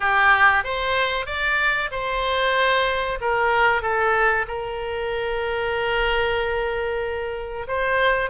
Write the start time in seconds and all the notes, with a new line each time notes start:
0.00 G4
0.64 C5
1.26 D5
1.91 C5
3.20 A#4
3.82 A4
4.47 A#4
7.67 C5